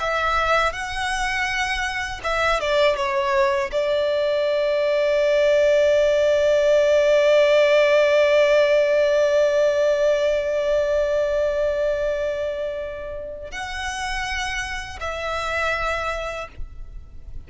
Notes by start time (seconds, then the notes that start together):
0.00 E5
0.73 F#5
2.24 E5
2.61 D5
2.97 C#5
3.72 D5
13.52 F#5
15.01 E5